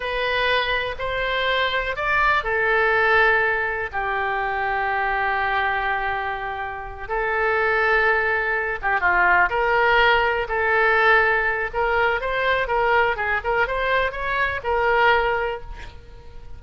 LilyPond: \new Staff \with { instrumentName = "oboe" } { \time 4/4 \tempo 4 = 123 b'2 c''2 | d''4 a'2. | g'1~ | g'2~ g'8 a'4.~ |
a'2 g'8 f'4 ais'8~ | ais'4. a'2~ a'8 | ais'4 c''4 ais'4 gis'8 ais'8 | c''4 cis''4 ais'2 | }